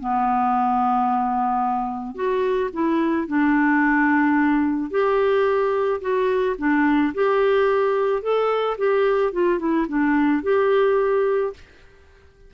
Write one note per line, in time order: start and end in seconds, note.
0.00 2.15 B3
2.15 2.70 F#4
2.73 3.28 E4
3.28 4.91 D4
4.91 6.01 G4
6.01 6.56 F#4
6.59 7.14 D4
7.15 8.22 G4
8.22 8.77 A4
8.78 9.33 G4
9.33 9.59 F4
9.59 9.87 E4
9.89 10.43 D4
10.43 11.53 G4